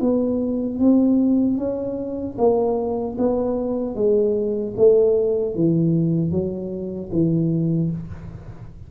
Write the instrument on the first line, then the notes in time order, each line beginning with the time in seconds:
tuba
0.00 B3
0.79 C4
1.58 C#4
2.38 A#3
3.18 B3
3.95 G#3
4.77 A3
5.55 E3
6.31 F#3
7.12 E3